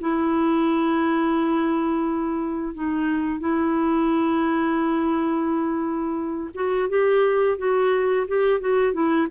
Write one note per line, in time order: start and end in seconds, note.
0.00 2.74 E4
2.74 3.39 D#4
3.39 6.50 E4
6.54 6.89 F#4
6.89 7.58 G4
7.58 8.27 F#4
8.27 8.60 G4
8.60 8.93 F#4
8.93 9.27 E4